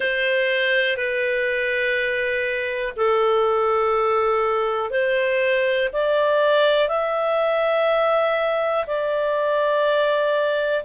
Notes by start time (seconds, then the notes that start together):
0.00 C5
0.97 B4
2.96 A4
4.90 C5
5.92 D5
6.88 E5
8.87 D5